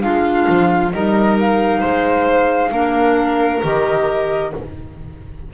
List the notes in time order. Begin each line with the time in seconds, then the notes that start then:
0.00 G#3 D4 F4 F5
0.49 F3
0.92 G3 D#4 A#4 D#5
1.40 F5
1.80 G#3 C5
2.72 A#3 D4 A#4
3.62 D#3 G4 D#5